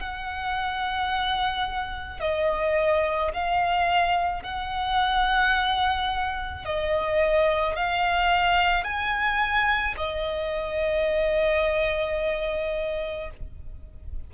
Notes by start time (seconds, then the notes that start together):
0.00 F#5
2.21 D#5
3.34 F5
4.43 F#5
6.66 D#5
7.77 F5
8.84 G#5
9.97 D#5